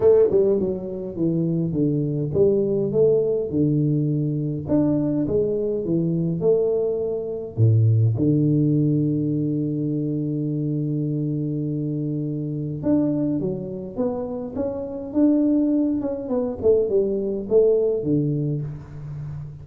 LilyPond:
\new Staff \with { instrumentName = "tuba" } { \time 4/4 \tempo 4 = 103 a8 g8 fis4 e4 d4 | g4 a4 d2 | d'4 gis4 e4 a4~ | a4 a,4 d2~ |
d1~ | d2 d'4 fis4 | b4 cis'4 d'4. cis'8 | b8 a8 g4 a4 d4 | }